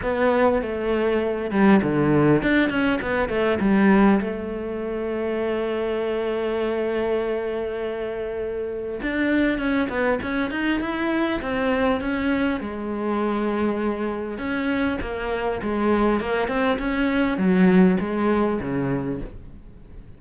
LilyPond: \new Staff \with { instrumentName = "cello" } { \time 4/4 \tempo 4 = 100 b4 a4. g8 d4 | d'8 cis'8 b8 a8 g4 a4~ | a1~ | a2. d'4 |
cis'8 b8 cis'8 dis'8 e'4 c'4 | cis'4 gis2. | cis'4 ais4 gis4 ais8 c'8 | cis'4 fis4 gis4 cis4 | }